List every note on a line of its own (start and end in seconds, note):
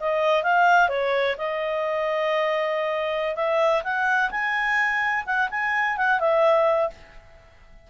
0.00 0.43 D#5
0.43 0.89 F5
0.89 1.36 C#5
1.38 3.36 D#5
3.36 3.83 E5
3.84 4.30 F#5
4.31 5.24 G#5
5.26 5.49 F#5
5.50 5.97 G#5
5.97 6.20 F#5
6.20 6.90 E5